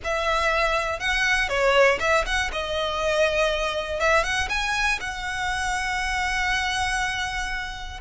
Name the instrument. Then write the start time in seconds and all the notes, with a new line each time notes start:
violin
0.04 E5
0.99 F#5
1.49 C#5
1.99 E5
2.25 F#5
2.52 D#5
4.00 E5
4.23 F#5
4.49 G#5
5.00 F#5